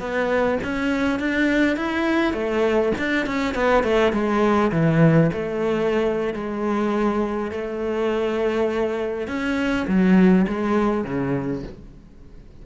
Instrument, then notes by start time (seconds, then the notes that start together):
cello
0.00 B3
0.64 C#4
1.20 D4
1.77 E4
2.34 A3
2.99 D4
3.26 C#4
3.55 B3
3.84 A3
4.13 G#3
4.72 E3
5.33 A3
6.34 G#3
7.52 A3
9.28 C#4
9.88 F#3
10.48 G#3
11.05 C#3